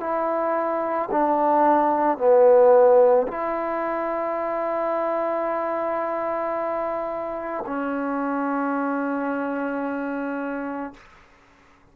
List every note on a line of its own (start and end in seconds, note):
0.00 1.09 E4
1.12 2.18 D4
2.18 3.27 B3
3.28 7.64 E4
7.67 10.94 C#4